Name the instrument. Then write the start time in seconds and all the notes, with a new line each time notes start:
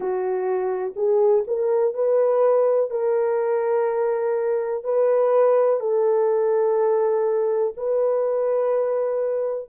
horn
0.00 F#4
0.96 G#4
1.47 A#4
1.94 B4
2.90 A#4
4.84 B4
5.79 A4
7.76 B4